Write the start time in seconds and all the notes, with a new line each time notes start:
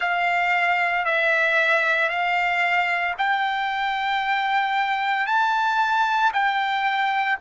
0.00 F5
1.05 E5
2.09 F5
3.18 G5
5.26 A5
6.33 G5